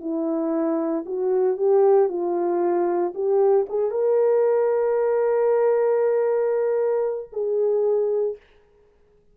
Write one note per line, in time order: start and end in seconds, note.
0.00 1.04 E4
1.05 1.57 F#4
1.57 2.08 G4
2.08 3.13 F4
3.14 3.66 G4
3.69 3.90 G#4
3.90 7.29 A#4
7.32 8.36 G#4